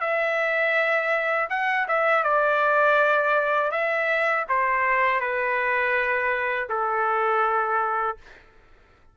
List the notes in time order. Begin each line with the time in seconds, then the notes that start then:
0.00 E5
1.49 F#5
1.88 E5
2.24 D5
3.71 E5
4.48 C5
5.20 B4
6.69 A4